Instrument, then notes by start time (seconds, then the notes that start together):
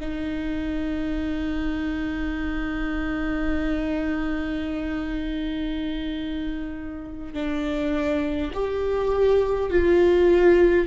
viola
0.00 D#4
7.34 D4
8.53 G4
9.71 F4